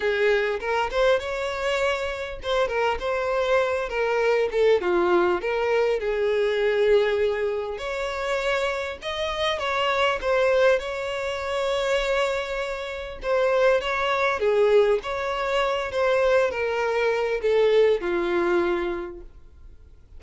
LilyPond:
\new Staff \with { instrumentName = "violin" } { \time 4/4 \tempo 4 = 100 gis'4 ais'8 c''8 cis''2 | c''8 ais'8 c''4. ais'4 a'8 | f'4 ais'4 gis'2~ | gis'4 cis''2 dis''4 |
cis''4 c''4 cis''2~ | cis''2 c''4 cis''4 | gis'4 cis''4. c''4 ais'8~ | ais'4 a'4 f'2 | }